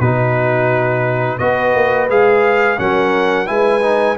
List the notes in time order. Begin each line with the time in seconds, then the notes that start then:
0.00 B2 D#4 F#4 B4
1.38 B3 F#4 B4 D#5
1.75 A#3
2.09 G#3 G#4 F5
2.78 F#3 C#4 A#4 F#5
3.46 G#3 E4 B4 G#5
3.82 D#4